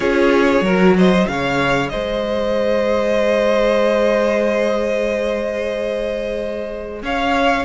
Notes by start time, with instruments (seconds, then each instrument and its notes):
0.00 cello C#4, viola F4, violin G#4 C#5
0.61 cello F#3, viola F#4, violin A#4
0.97 violin C5 D#5
1.27 cello C#3, viola G#4, violin C#5 F5
1.89 cello G#3, violin C5 D#5
7.02 cello C#4, violin C#5 F5